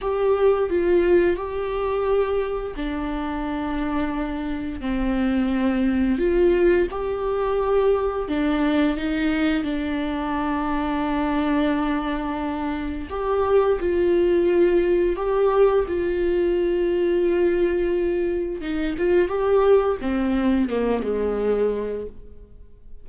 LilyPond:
\new Staff \with { instrumentName = "viola" } { \time 4/4 \tempo 4 = 87 g'4 f'4 g'2 | d'2. c'4~ | c'4 f'4 g'2 | d'4 dis'4 d'2~ |
d'2. g'4 | f'2 g'4 f'4~ | f'2. dis'8 f'8 | g'4 c'4 ais8 gis4. | }